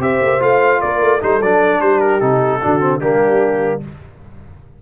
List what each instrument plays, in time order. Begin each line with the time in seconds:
0.00 tuba C4, trombone G4, horn C5, trumpet E5
0.22 tuba A#3
0.40 tuba A3, trombone F4, trumpet F5
0.81 tuba A#3, horn A#4, trumpet D5
1.01 tuba A3
1.21 tuba G3, trombone D#4, horn A4, trumpet C5
1.42 tuba F#3, trombone D4, trumpet D5
1.80 tuba G3, horn G4, trumpet C5
2.00 trumpet A#4
2.20 tuba C3, trombone D#4, trumpet A4
2.61 tuba D3, trombone D4, horn F#4
2.81 trombone C4
3.00 tuba G3, trombone A#3, horn D4, trumpet G4